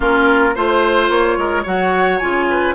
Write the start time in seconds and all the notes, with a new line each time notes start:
0.00 A#3 C#4 F4 A#4
0.55 A3 F4 C5
1.09 A#3 C#5
1.37 G#3 A#4
1.62 F#3 F#4 C#5 F#5
2.18 C#3 F4 G#5
2.50 B4